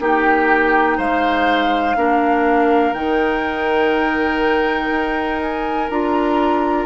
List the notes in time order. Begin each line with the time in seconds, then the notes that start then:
0.00 A#3 D#4 G4 G5
0.98 G#3 C5 F5
1.96 A#3 D4 A#4
2.94 D#3 D#4 G5
4.91 D#4
5.41 G#5
5.90 D4 F4 A#5